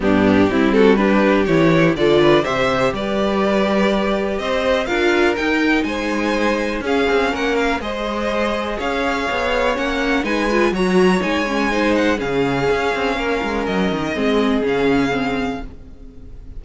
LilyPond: <<
  \new Staff \with { instrumentName = "violin" } { \time 4/4 \tempo 4 = 123 g'4. a'8 b'4 cis''4 | d''4 e''4 d''2~ | d''4 dis''4 f''4 g''4 | gis''2 f''4 fis''8 f''8 |
dis''2 f''2 | fis''4 gis''4 ais''4 gis''4~ | gis''8 fis''8 f''2. | dis''2 f''2 | }
  \new Staff \with { instrumentName = "violin" } { \time 4/4 d'4 e'8 fis'8 g'2 | a'8 b'8 c''4 b'2~ | b'4 c''4 ais'2 | c''2 gis'4 ais'4 |
c''2 cis''2~ | cis''4 b'4 cis''2 | c''4 gis'2 ais'4~ | ais'4 gis'2. | }
  \new Staff \with { instrumentName = "viola" } { \time 4/4 b4 c'4 d'4 e'4 | f'4 g'2.~ | g'2 f'4 dis'4~ | dis'2 cis'2 |
gis'1 | cis'4 dis'8 f'8 fis'4 dis'8 cis'8 | dis'4 cis'2.~ | cis'4 c'4 cis'4 c'4 | }
  \new Staff \with { instrumentName = "cello" } { \time 4/4 g,4 g2 e4 | d4 c4 g2~ | g4 c'4 d'4 dis'4 | gis2 cis'8 c'8 ais4 |
gis2 cis'4 b4 | ais4 gis4 fis4 gis4~ | gis4 cis4 cis'8 c'8 ais8 gis8 | fis8 dis8 gis4 cis2 | }
>>